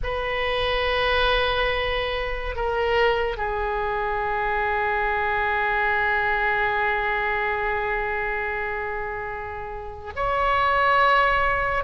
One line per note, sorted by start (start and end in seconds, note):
0.03 2.55 B4
2.55 3.36 A#4
3.36 10.13 G#4
10.15 11.83 C#5